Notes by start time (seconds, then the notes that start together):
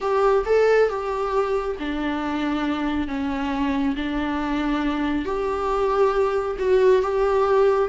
0.00 G4
0.45 A4
0.89 G4
1.79 D4
3.07 C#4
3.96 D4
5.25 G4
6.58 F#4
7.02 G4